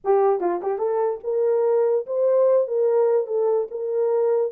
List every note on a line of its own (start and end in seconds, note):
0.04 0.40 G4
0.40 0.60 F4
0.62 0.78 G4
0.78 1.19 A4
1.23 2.05 A#4
2.06 2.67 C5
2.67 3.27 A#4
3.27 3.68 A4
3.70 4.52 A#4